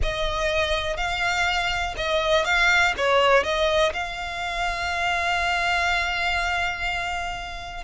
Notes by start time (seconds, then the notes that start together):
0.02 D#5
0.96 F5
1.97 D#5
2.44 F5
2.97 C#5
3.43 D#5
3.93 F5